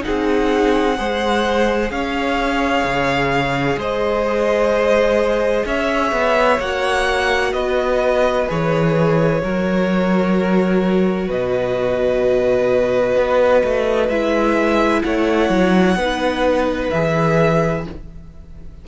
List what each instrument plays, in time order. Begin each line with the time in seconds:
0.00 viola D#4, violin G#4 F#5
0.07 cello C4
0.97 cello G#3, viola G#4, violin C5
1.90 cello C#4, violin C#5 F5
2.84 cello C#3
3.76 cello G#3, violin C5 D#5
5.65 cello C#4, violin C#5 E5
6.12 cello B3
6.59 cello A#3, viola F#4, violin F#5
7.53 cello B3, violin B4 D#5
8.47 cello E3, viola G#4, violin C#5
9.42 cello F#3, viola F#4, violin A#4
11.27 cello B2, violin B4 D#5
13.16 cello B3
13.63 cello A3
14.08 cello G#3, viola E4, violin E5
15.03 cello A3, violin C#5 F#5
15.49 cello F#3
15.95 cello B3, viola D#4, violin B4
16.90 cello E3, viola G#4, violin E5